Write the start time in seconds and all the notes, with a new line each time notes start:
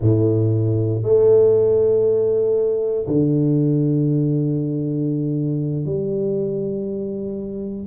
0.01 A2
1.02 A3
3.06 D3
5.85 G3